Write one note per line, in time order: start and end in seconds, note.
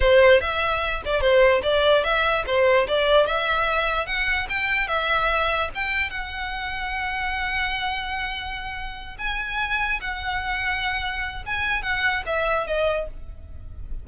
0.00 0.40 C5
0.40 1.02 E5
1.05 1.21 D5
1.21 1.61 C5
1.63 2.03 D5
2.04 2.44 E5
2.46 2.87 C5
2.87 3.26 D5
3.26 4.06 E5
4.06 4.47 F#5
4.49 4.87 G5
4.87 5.69 E5
5.74 6.09 G5
6.09 9.16 F#5
9.18 10.00 G#5
10.00 11.43 F#5
11.45 11.82 G#5
11.82 12.23 F#5
12.26 12.66 E5
12.66 13.07 D#5